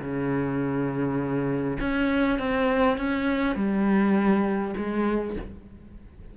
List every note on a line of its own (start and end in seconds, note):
0.00 1.78 C#3
1.80 2.39 C#4
2.39 2.98 C4
2.98 3.56 C#4
3.56 4.74 G3
4.77 5.36 G#3